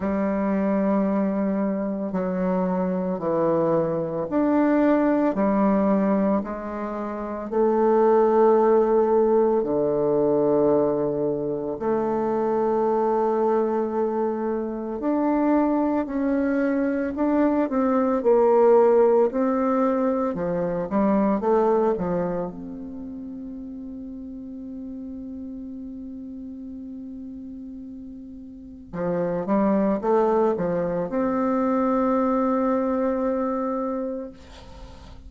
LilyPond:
\new Staff \with { instrumentName = "bassoon" } { \time 4/4 \tempo 4 = 56 g2 fis4 e4 | d'4 g4 gis4 a4~ | a4 d2 a4~ | a2 d'4 cis'4 |
d'8 c'8 ais4 c'4 f8 g8 | a8 f8 c'2.~ | c'2. f8 g8 | a8 f8 c'2. | }